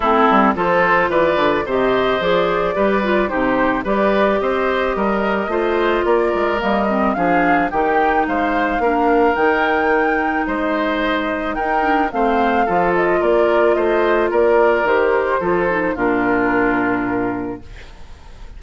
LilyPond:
<<
  \new Staff \with { instrumentName = "flute" } { \time 4/4 \tempo 4 = 109 a'4 c''4 d''4 dis''4 | d''2 c''4 d''4 | dis''2. d''4 | dis''4 f''4 g''4 f''4~ |
f''4 g''2 dis''4~ | dis''4 g''4 f''4. dis''8 | d''4 dis''4 d''4 c''4~ | c''4 ais'2. | }
  \new Staff \with { instrumentName = "oboe" } { \time 4/4 e'4 a'4 b'4 c''4~ | c''4 b'4 g'4 b'4 | c''4 ais'4 c''4 ais'4~ | ais'4 gis'4 g'4 c''4 |
ais'2. c''4~ | c''4 ais'4 c''4 a'4 | ais'4 c''4 ais'2 | a'4 f'2. | }
  \new Staff \with { instrumentName = "clarinet" } { \time 4/4 c'4 f'2 g'4 | gis'4 g'8 f'8 dis'4 g'4~ | g'2 f'2 | ais8 c'8 d'4 dis'2 |
d'4 dis'2.~ | dis'4. d'8 c'4 f'4~ | f'2. g'4 | f'8 dis'8 d'2. | }
  \new Staff \with { instrumentName = "bassoon" } { \time 4/4 a8 g8 f4 e8 d8 c4 | f4 g4 c4 g4 | c'4 g4 a4 ais8 gis8 | g4 f4 dis4 gis4 |
ais4 dis2 gis4~ | gis4 dis'4 a4 f4 | ais4 a4 ais4 dis4 | f4 ais,2. | }
>>